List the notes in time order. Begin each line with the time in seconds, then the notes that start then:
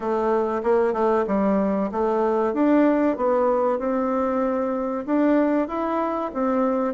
0.00 A3
0.63 A#3
0.93 A3
1.27 G3
1.91 A3
2.53 D4
3.17 B3
3.78 C4
5.06 D4
5.68 E4
6.33 C4